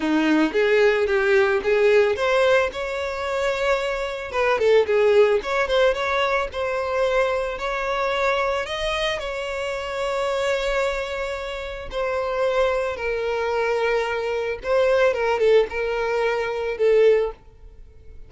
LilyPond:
\new Staff \with { instrumentName = "violin" } { \time 4/4 \tempo 4 = 111 dis'4 gis'4 g'4 gis'4 | c''4 cis''2. | b'8 a'8 gis'4 cis''8 c''8 cis''4 | c''2 cis''2 |
dis''4 cis''2.~ | cis''2 c''2 | ais'2. c''4 | ais'8 a'8 ais'2 a'4 | }